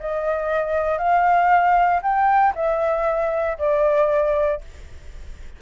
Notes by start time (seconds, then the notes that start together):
0.00 D#5
0.99 F5
2.02 G5
2.55 E5
3.59 D5